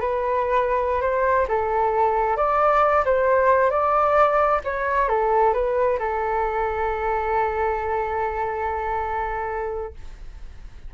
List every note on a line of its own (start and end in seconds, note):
0.00 1.01 B4
1.01 1.46 C5
1.48 2.36 A4
2.36 3.04 D5
3.05 3.70 C5
3.70 4.60 D5
4.64 5.08 C#5
5.08 5.53 A4
5.53 5.98 B4
5.99 9.94 A4